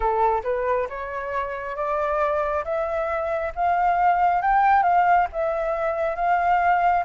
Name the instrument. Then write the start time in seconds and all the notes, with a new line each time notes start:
flute
0.00 A4
0.43 B4
0.89 C#5
1.76 D5
2.64 E5
3.55 F5
4.41 G5
4.82 F5
5.32 E5
6.15 F5